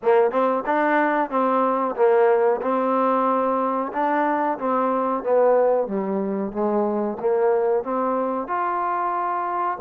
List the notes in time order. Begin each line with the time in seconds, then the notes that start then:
0.02 A#3
0.31 C4
0.66 D4
1.30 C4
1.95 A#3
2.61 C4
3.92 D4
4.58 C4
5.23 B3
5.87 G3
6.52 G#3
7.19 A#3
7.83 C4
8.47 F4